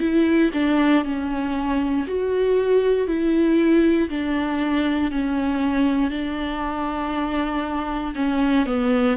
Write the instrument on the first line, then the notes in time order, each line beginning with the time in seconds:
viola
0.00 E4
0.54 D4
1.04 C#4
2.07 F#4
3.07 E4
4.10 D4
5.11 C#4
6.11 D4
8.15 C#4
8.66 B3